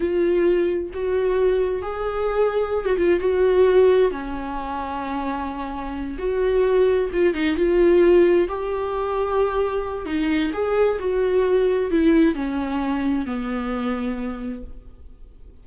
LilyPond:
\new Staff \with { instrumentName = "viola" } { \time 4/4 \tempo 4 = 131 f'2 fis'2 | gis'2~ gis'16 fis'16 f'8 fis'4~ | fis'4 cis'2.~ | cis'4. fis'2 f'8 |
dis'8 f'2 g'4.~ | g'2 dis'4 gis'4 | fis'2 e'4 cis'4~ | cis'4 b2. | }